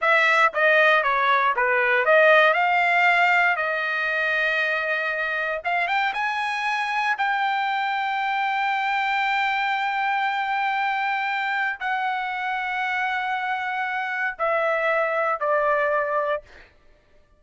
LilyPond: \new Staff \with { instrumentName = "trumpet" } { \time 4/4 \tempo 4 = 117 e''4 dis''4 cis''4 b'4 | dis''4 f''2 dis''4~ | dis''2. f''8 g''8 | gis''2 g''2~ |
g''1~ | g''2. fis''4~ | fis''1 | e''2 d''2 | }